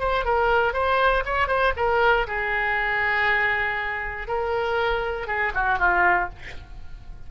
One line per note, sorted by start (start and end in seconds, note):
0.00 0.25 C5
0.25 0.73 A#4
0.73 1.24 C5
1.25 1.48 C#5
1.48 1.73 C5
1.77 2.27 A#4
2.28 4.28 G#4
4.28 5.28 A#4
5.28 5.53 G#4
5.55 5.79 F#4
5.79 6.30 F4